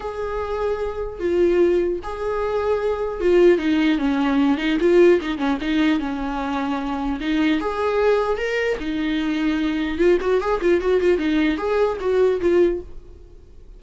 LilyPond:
\new Staff \with { instrumentName = "viola" } { \time 4/4 \tempo 4 = 150 gis'2. f'4~ | f'4 gis'2. | f'4 dis'4 cis'4. dis'8 | f'4 dis'8 cis'8 dis'4 cis'4~ |
cis'2 dis'4 gis'4~ | gis'4 ais'4 dis'2~ | dis'4 f'8 fis'8 gis'8 f'8 fis'8 f'8 | dis'4 gis'4 fis'4 f'4 | }